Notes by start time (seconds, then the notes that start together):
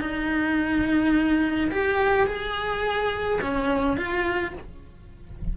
0.00 D#4
1.71 G4
2.27 G#4
3.41 C#4
3.97 F4